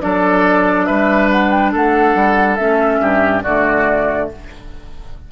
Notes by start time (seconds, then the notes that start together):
0.00 F#3 D4 A4 D5
0.85 G3 B4 E5
1.31 F#5
1.50 G5
1.72 A3 A4 F#5
2.14 G3
2.56 A3 C#4 E5
3.00 G2 G4
3.43 D3 A3 F#4 D5